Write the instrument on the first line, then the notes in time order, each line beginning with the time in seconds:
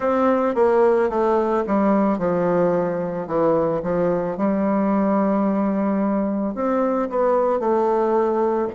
bassoon
0.00 C4
0.55 A#3
1.09 A3
1.67 G3
2.18 F3
3.27 E3
3.82 F3
4.37 G3
6.55 C4
7.09 B3
7.59 A3